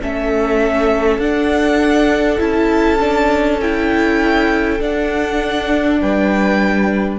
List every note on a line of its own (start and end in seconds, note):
0.00 1.18 A3
0.00 1.21 C#4
0.00 6.00 A4
0.00 1.19 E5
1.18 2.38 D4
1.18 2.39 F#5
2.38 4.79 C#4
2.38 2.98 E4
2.38 3.60 A5
3.00 3.60 D4
3.60 4.79 E4
3.60 4.80 G5
4.79 7.18 D4
4.79 6.00 D4
4.79 6.01 F#5
6.01 7.18 G3
6.01 7.18 B4
6.01 7.18 G5